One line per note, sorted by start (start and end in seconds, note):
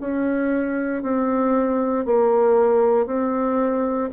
0.00 1.03 C#4
1.03 2.05 C4
2.05 3.07 A#3
3.07 4.10 C4